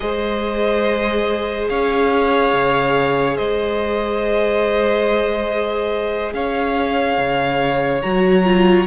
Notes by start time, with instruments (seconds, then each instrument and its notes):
0.00 cello G#3, viola G#4, violin C5 D#5
1.68 cello C#4, violin C#5 F5
2.53 cello C#3
3.36 cello G#3, violin C5 D#5
6.33 cello C#4, violin C#5 F5
7.18 cello C#3
8.01 cello F#3, viola F#4, violin A#5
8.44 viola F4